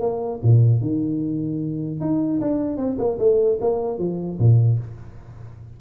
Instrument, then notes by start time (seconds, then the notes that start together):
tuba
0.00 A#3
0.43 A#2
0.81 D#3
2.00 D#4
2.41 D4
2.77 C4
2.98 A#3
3.19 A3
3.61 A#3
3.98 F3
4.39 A#2